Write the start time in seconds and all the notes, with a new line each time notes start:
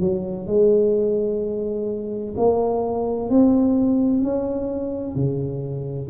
0.00 F#3
0.47 G#3
2.37 A#3
3.29 C4
4.23 C#4
5.15 C#3